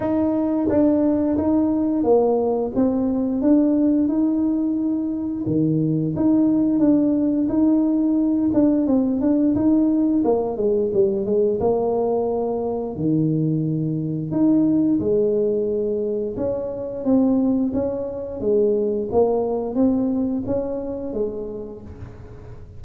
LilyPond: \new Staff \with { instrumentName = "tuba" } { \time 4/4 \tempo 4 = 88 dis'4 d'4 dis'4 ais4 | c'4 d'4 dis'2 | dis4 dis'4 d'4 dis'4~ | dis'8 d'8 c'8 d'8 dis'4 ais8 gis8 |
g8 gis8 ais2 dis4~ | dis4 dis'4 gis2 | cis'4 c'4 cis'4 gis4 | ais4 c'4 cis'4 gis4 | }